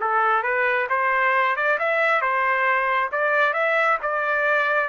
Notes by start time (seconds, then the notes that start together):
0.00 A4
0.43 B4
0.89 C5
1.56 D5
1.79 E5
2.21 C5
3.12 D5
3.53 E5
4.02 D5